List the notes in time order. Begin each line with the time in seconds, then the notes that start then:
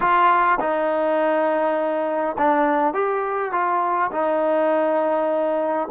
0.00 F4
0.60 D#4
2.37 D4
2.93 G4
3.52 F4
4.11 D#4